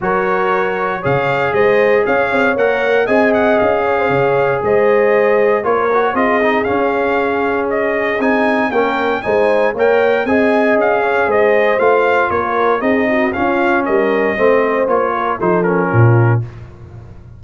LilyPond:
<<
  \new Staff \with { instrumentName = "trumpet" } { \time 4/4 \tempo 4 = 117 cis''2 f''4 dis''4 | f''4 fis''4 gis''8 fis''8 f''4~ | f''4 dis''2 cis''4 | dis''4 f''2 dis''4 |
gis''4 g''4 gis''4 g''4 | gis''4 f''4 dis''4 f''4 | cis''4 dis''4 f''4 dis''4~ | dis''4 cis''4 c''8 ais'4. | }
  \new Staff \with { instrumentName = "horn" } { \time 4/4 ais'2 cis''4 c''4 | cis''2 dis''4. cis''16 c''16 | cis''4 c''2 ais'4 | gis'1~ |
gis'4 ais'4 c''4 cis''4 | dis''4. cis''8 c''2 | ais'4 gis'8 fis'8 f'4 ais'4 | c''4. ais'8 a'4 f'4 | }
  \new Staff \with { instrumentName = "trombone" } { \time 4/4 fis'2 gis'2~ | gis'4 ais'4 gis'2~ | gis'2. f'8 fis'8 | f'8 dis'8 cis'2. |
dis'4 cis'4 dis'4 ais'4 | gis'2. f'4~ | f'4 dis'4 cis'2 | c'4 f'4 dis'8 cis'4. | }
  \new Staff \with { instrumentName = "tuba" } { \time 4/4 fis2 cis4 gis4 | cis'8 c'8 ais4 c'4 cis'4 | cis4 gis2 ais4 | c'4 cis'2. |
c'4 ais4 gis4 ais4 | c'4 cis'4 gis4 a4 | ais4 c'4 cis'4 g4 | a4 ais4 f4 ais,4 | }
>>